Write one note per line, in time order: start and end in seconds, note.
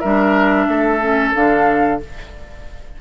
0.00 0.68 G3
0.00 1.02 D4
0.00 0.66 A#4
0.00 1.32 E5
0.68 1.34 A3
0.68 2.01 A4
1.02 1.34 C#4
1.35 2.02 D3
1.35 2.01 D4
1.35 2.02 F5